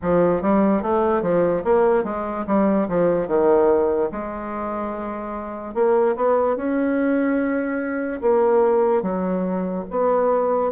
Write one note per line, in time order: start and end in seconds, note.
0.02 0.41 F3
0.41 0.82 G3
0.82 1.22 A3
1.22 1.63 F3
1.64 2.04 A#3
2.04 2.45 G#3
2.47 2.88 G3
2.88 3.27 F3
3.27 4.09 D#3
4.11 5.74 G#3
5.74 6.15 A#3
6.16 6.56 B3
6.56 8.20 C#4
8.21 9.02 A#3
9.02 9.84 F#3
9.90 10.71 B3